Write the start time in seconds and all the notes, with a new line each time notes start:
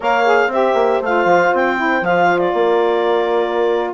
0.00 A#3 A#4 C#5 F5
0.24 G#4
0.47 C4 G4 C5 E5
0.74 A#3
1.01 A3 F4 F5
1.24 F3
1.53 C4 G5
1.76 E4
2.01 F3 F4 F5
2.38 D5
2.53 A#3 A#4